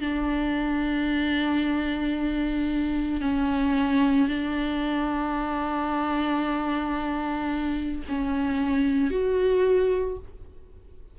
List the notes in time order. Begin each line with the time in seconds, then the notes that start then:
0.00 D4
3.21 C#4
4.28 D4
8.08 C#4
9.11 F#4